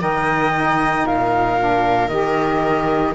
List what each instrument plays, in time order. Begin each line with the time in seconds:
0.00 cello D#3, saxophone A#4, viola D#5, flute G5
0.55 saxophone D#4
1.05 cello A#2, viola A#4, flute F5
1.59 saxophone D4
2.08 cello D#3, saxophone G4, flute D#5